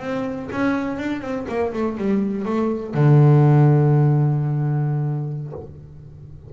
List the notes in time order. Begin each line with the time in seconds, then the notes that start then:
0.00 C4
0.52 C#4
0.98 D4
1.21 C4
1.48 A#3
1.73 A3
1.97 G3
2.45 A3
2.94 D3